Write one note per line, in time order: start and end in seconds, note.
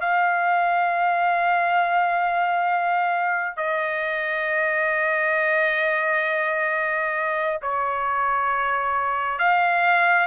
0.00 3.56 F5
3.56 7.59 D#5
7.62 9.39 C#5
9.39 10.26 F5